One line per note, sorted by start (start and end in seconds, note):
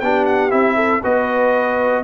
0.00 0.52 B3
0.00 0.51 D4
0.00 0.76 G4
0.00 0.25 G5
0.26 0.51 F#5
0.51 1.03 C4
0.51 1.01 E4
0.51 1.02 E5
0.76 1.01 A4
1.03 2.03 B3
1.03 2.03 F#4
1.03 2.03 B4
1.03 2.03 D#5